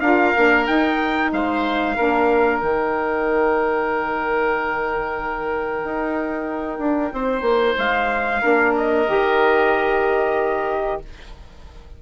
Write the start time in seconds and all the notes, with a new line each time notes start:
0.00 D4 F4 A#4 F5
0.35 A#3 D4
0.67 D#4 G5
1.32 G#3 C5 F5
1.96 A#3 D4 A#4
2.60 D#3 D#4 G5
5.84 D#4
6.78 D4
7.13 C4 C5
7.41 A#3
7.78 G#3 F5
8.41 A#3 D4 A#4
8.76 D#5
9.07 D#3 G4